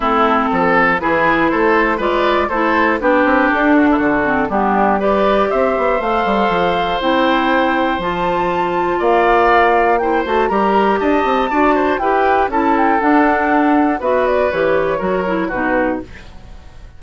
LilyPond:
<<
  \new Staff \with { instrumentName = "flute" } { \time 4/4 \tempo 4 = 120 a'2 b'4 c''4 | d''4 c''4 b'4 a'4~ | a'4 g'4 d''4 e''4 | f''2 g''2 |
a''2 f''2 | g''8 a''8 ais''4 a''2 | g''4 a''8 g''8 fis''2 | e''8 d''8 cis''2 b'4 | }
  \new Staff \with { instrumentName = "oboe" } { \time 4/4 e'4 a'4 gis'4 a'4 | b'4 a'4 g'4. fis'16 e'16 | fis'4 d'4 b'4 c''4~ | c''1~ |
c''2 d''2 | c''4 ais'4 dis''4 d''8 c''8 | b'4 a'2. | b'2 ais'4 fis'4 | }
  \new Staff \with { instrumentName = "clarinet" } { \time 4/4 c'2 e'2 | f'4 e'4 d'2~ | d'8 c'8 b4 g'2 | a'2 e'2 |
f'1 | e'8 fis'8 g'2 fis'4 | g'4 e'4 d'2 | fis'4 g'4 fis'8 e'8 dis'4 | }
  \new Staff \with { instrumentName = "bassoon" } { \time 4/4 a4 f4 e4 a4 | gis4 a4 b8 c'8 d'4 | d4 g2 c'8 b8 | a8 g8 f4 c'2 |
f2 ais2~ | ais8 a8 g4 d'8 c'8 d'4 | e'4 cis'4 d'2 | b4 e4 fis4 b,4 | }
>>